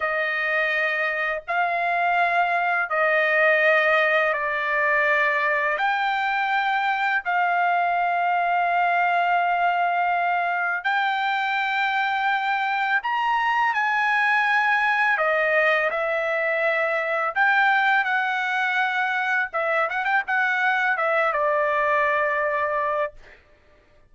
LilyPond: \new Staff \with { instrumentName = "trumpet" } { \time 4/4 \tempo 4 = 83 dis''2 f''2 | dis''2 d''2 | g''2 f''2~ | f''2. g''4~ |
g''2 ais''4 gis''4~ | gis''4 dis''4 e''2 | g''4 fis''2 e''8 fis''16 g''16 | fis''4 e''8 d''2~ d''8 | }